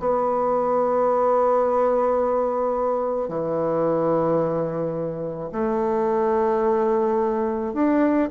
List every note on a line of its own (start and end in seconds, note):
0.00 3.29 B3
3.29 5.51 E3
5.53 7.74 A3
7.74 8.29 D4